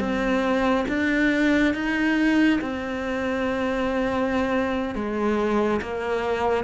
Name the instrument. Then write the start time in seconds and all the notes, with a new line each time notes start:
cello
0.00 C4
0.89 D4
1.75 D#4
2.61 C4
4.96 G#3
5.82 A#3